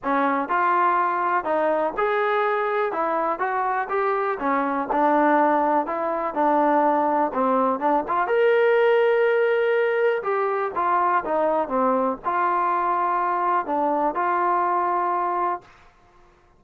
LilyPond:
\new Staff \with { instrumentName = "trombone" } { \time 4/4 \tempo 4 = 123 cis'4 f'2 dis'4 | gis'2 e'4 fis'4 | g'4 cis'4 d'2 | e'4 d'2 c'4 |
d'8 f'8 ais'2.~ | ais'4 g'4 f'4 dis'4 | c'4 f'2. | d'4 f'2. | }